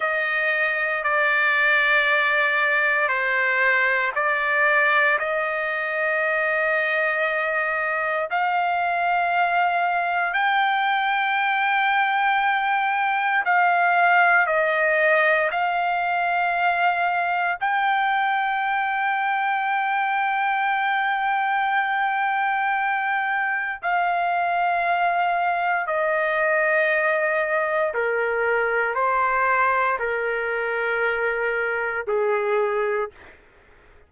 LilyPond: \new Staff \with { instrumentName = "trumpet" } { \time 4/4 \tempo 4 = 58 dis''4 d''2 c''4 | d''4 dis''2. | f''2 g''2~ | g''4 f''4 dis''4 f''4~ |
f''4 g''2.~ | g''2. f''4~ | f''4 dis''2 ais'4 | c''4 ais'2 gis'4 | }